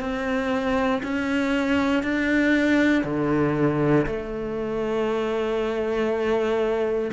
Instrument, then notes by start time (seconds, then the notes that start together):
cello
0.00 C4
1.03 C#4
2.03 D4
3.04 D3
4.06 A3